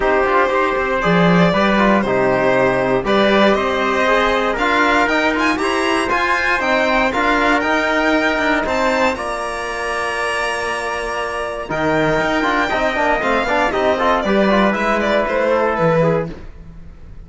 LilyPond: <<
  \new Staff \with { instrumentName = "violin" } { \time 4/4 \tempo 4 = 118 c''2 d''2 | c''2 d''4 dis''4~ | dis''4 f''4 g''8 gis''8 ais''4 | gis''4 g''4 f''4 g''4~ |
g''4 a''4 ais''2~ | ais''2. g''4~ | g''2 f''4 dis''4 | d''4 e''8 d''8 c''4 b'4 | }
  \new Staff \with { instrumentName = "trumpet" } { \time 4/4 g'4 c''2 b'4 | g'2 b'4 c''4~ | c''4 ais'2 c''4~ | c''2 ais'2~ |
ais'4 c''4 d''2~ | d''2. ais'4~ | ais'4 dis''4. d''8 g'8 a'8 | b'2~ b'8 a'4 gis'8 | }
  \new Staff \with { instrumentName = "trombone" } { \time 4/4 dis'8 f'8 g'4 gis'4 g'8 f'8 | dis'2 g'2 | gis'4 f'4 dis'8 f'8 g'4 | f'4 dis'4 f'4 dis'4~ |
dis'2 f'2~ | f'2. dis'4~ | dis'8 f'8 dis'8 d'8 c'8 d'8 dis'8 f'8 | g'8 f'8 e'2. | }
  \new Staff \with { instrumentName = "cello" } { \time 4/4 c'8 d'8 dis'8 c'8 f4 g4 | c2 g4 c'4~ | c'4 d'4 dis'4 e'4 | f'4 c'4 d'4 dis'4~ |
dis'8 d'8 c'4 ais2~ | ais2. dis4 | dis'8 d'8 c'8 ais8 a8 b8 c'4 | g4 gis4 a4 e4 | }
>>